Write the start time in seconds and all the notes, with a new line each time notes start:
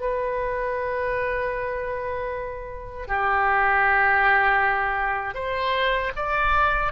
0.00 B4
3.08 G4
5.35 C5
6.16 D5